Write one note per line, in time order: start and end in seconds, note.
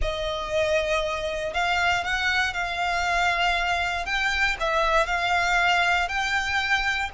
0.01 1.53 D#5
1.53 2.04 F5
2.04 2.53 F#5
2.53 4.05 F5
4.05 4.56 G5
4.59 5.06 E5
5.06 6.08 F5
6.08 7.10 G5